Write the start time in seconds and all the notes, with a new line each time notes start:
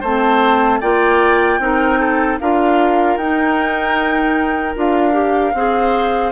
0.00 A3 C4 C5 A5
0.80 A#3 F4 D5 G5
1.59 C4 D#4 A#4
1.99 A4
2.40 D4 F4 A#4 F5
3.17 D#4 G5
4.75 D4 F4 F5
5.12 G4
5.54 C4 G#4 C5